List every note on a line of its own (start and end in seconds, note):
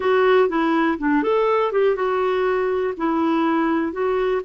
0.00 0.48 F#4
0.48 0.97 E4
0.98 1.23 D4
1.23 1.71 A4
1.71 1.95 G4
1.95 2.94 F#4
2.97 3.92 E4
3.92 4.41 F#4